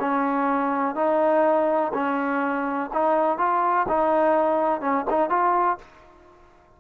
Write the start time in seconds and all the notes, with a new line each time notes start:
0.00 C#4
0.95 D#4
1.94 C#4
2.93 D#4
3.38 F4
3.88 D#4
4.81 C#4
5.10 D#4
5.30 F4